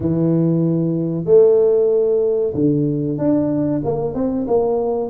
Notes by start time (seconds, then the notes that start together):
0.00 E3
1.25 A3
2.54 D3
3.17 D4
3.84 A#3
4.14 C4
4.47 A#3